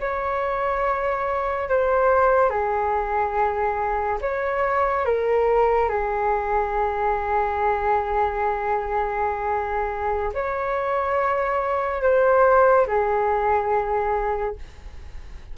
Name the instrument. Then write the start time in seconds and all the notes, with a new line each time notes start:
flute
0.00 C#5
1.69 C5
2.50 G#4
4.21 C#5
5.05 A#4
5.89 G#4
10.34 C#5
12.02 C5
12.87 G#4